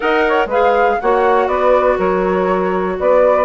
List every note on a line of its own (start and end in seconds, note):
0.00 0.46 D#4
0.00 0.49 A#4
0.00 0.27 D#5
0.00 0.47 F#5
0.27 0.47 C#5
0.46 0.95 G#3
0.46 1.00 G#4
0.46 0.97 B4
0.46 1.00 F5
1.00 1.47 A#3
1.00 3.45 F#4
1.00 1.48 C#5
1.00 1.48 F#5
1.47 1.97 B3
1.47 1.97 B4
1.47 1.97 D5
1.97 2.97 F#3
1.97 2.96 A#4
1.97 2.98 C#5
2.98 3.45 B3
2.98 3.45 B4
2.98 3.45 D5